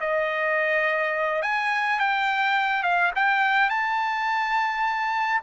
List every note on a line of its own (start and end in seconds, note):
0.00 1.42 D#5
1.42 1.99 G#5
1.99 2.83 G5
2.83 3.11 F5
3.15 3.69 G5
3.69 5.41 A5